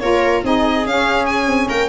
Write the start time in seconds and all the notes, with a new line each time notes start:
0.00 A#3 F4 A#4 C#5
0.43 C4 D#4 G#4 D#5
0.85 C#4 F5
1.26 G#5
1.47 C4
1.69 A#3 A#4 G5